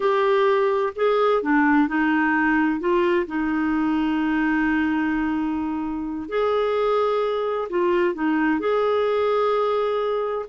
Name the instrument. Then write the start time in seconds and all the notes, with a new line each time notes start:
clarinet
0.00 G4
0.95 G#4
1.42 D4
1.88 D#4
2.79 F4
3.26 D#4
6.29 G#4
7.69 F4
8.14 D#4
8.59 G#4